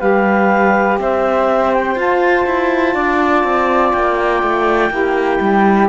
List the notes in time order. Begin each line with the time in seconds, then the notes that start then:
0.00 G3 G4 B4 F5
0.99 C4 C5 E5
1.74 G5
1.95 F4 A5
2.46 E4
2.94 D4 D5
3.44 C4
3.92 A#3 G5
4.43 A3
4.91 A#3 E4 G4
5.41 G3